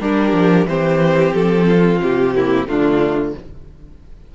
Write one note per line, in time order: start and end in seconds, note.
0.00 0.33 G3
0.00 0.67 D4
0.00 0.68 G4
0.00 0.67 A#4
0.33 0.66 F3
0.66 1.32 E3
0.66 2.35 C4
0.66 1.67 G4
0.66 1.34 C5
1.34 2.01 F3
1.34 2.01 A4
1.67 2.34 F4
2.02 2.67 C3
2.02 2.68 G4
2.35 2.68 A#3
2.35 2.68 E4
2.67 3.34 D3
2.67 3.34 A3
2.67 3.35 D4
2.67 3.35 F4